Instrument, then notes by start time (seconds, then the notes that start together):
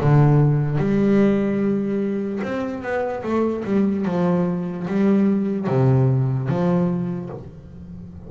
double bass
0.00 D3
0.78 G3
2.43 C4
2.82 B3
3.23 A3
3.64 G3
4.05 F3
4.87 G3
5.67 C3
6.48 F3